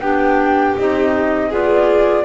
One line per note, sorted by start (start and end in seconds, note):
0.00 0.76 B3
0.00 0.77 D4
0.00 1.50 G4
0.00 0.75 G5
0.78 1.51 C4
0.78 1.51 D#4
0.78 1.53 D#5
1.50 2.25 B3
1.50 2.25 F4
1.50 2.25 G#4
1.50 2.25 D5